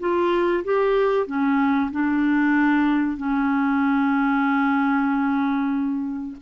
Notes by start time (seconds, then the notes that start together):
0.00 F4
0.64 G4
1.27 C#4
1.91 D4
3.17 C#4